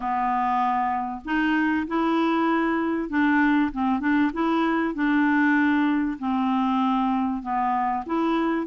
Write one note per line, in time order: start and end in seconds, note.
0.00 1.21 B3
1.25 1.86 D#4
1.87 3.09 E4
3.09 3.71 D4
3.72 4.00 C4
4.00 4.31 D4
4.33 4.94 E4
4.94 6.18 D4
6.19 7.42 C4
7.42 8.04 B3
8.06 8.66 E4